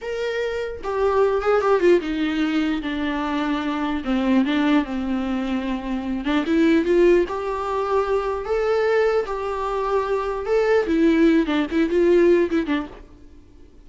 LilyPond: \new Staff \with { instrumentName = "viola" } { \time 4/4 \tempo 4 = 149 ais'2 g'4. gis'8 | g'8 f'8 dis'2 d'4~ | d'2 c'4 d'4 | c'2.~ c'8 d'8 |
e'4 f'4 g'2~ | g'4 a'2 g'4~ | g'2 a'4 e'4~ | e'8 d'8 e'8 f'4. e'8 d'8 | }